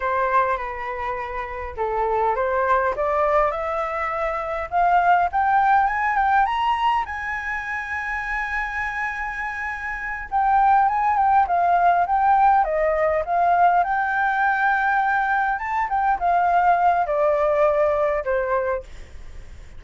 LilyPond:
\new Staff \with { instrumentName = "flute" } { \time 4/4 \tempo 4 = 102 c''4 b'2 a'4 | c''4 d''4 e''2 | f''4 g''4 gis''8 g''8 ais''4 | gis''1~ |
gis''4. g''4 gis''8 g''8 f''8~ | f''8 g''4 dis''4 f''4 g''8~ | g''2~ g''8 a''8 g''8 f''8~ | f''4 d''2 c''4 | }